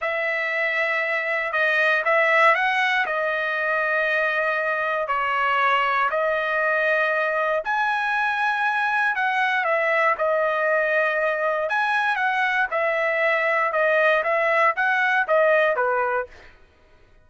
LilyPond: \new Staff \with { instrumentName = "trumpet" } { \time 4/4 \tempo 4 = 118 e''2. dis''4 | e''4 fis''4 dis''2~ | dis''2 cis''2 | dis''2. gis''4~ |
gis''2 fis''4 e''4 | dis''2. gis''4 | fis''4 e''2 dis''4 | e''4 fis''4 dis''4 b'4 | }